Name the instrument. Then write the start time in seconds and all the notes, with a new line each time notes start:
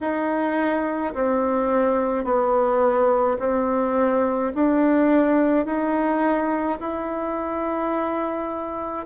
bassoon
0.01 D#4
1.14 C4
2.24 B3
3.39 C4
4.54 D4
5.65 D#4
6.79 E4